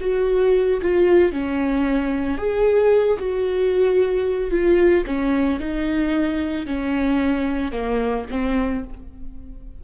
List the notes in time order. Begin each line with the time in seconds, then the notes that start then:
0.00 F#4
0.81 F4
1.32 C#4
2.37 G#4
3.19 F#4
4.50 F4
5.06 C#4
5.59 D#4
6.66 C#4
7.71 A#3
8.30 C4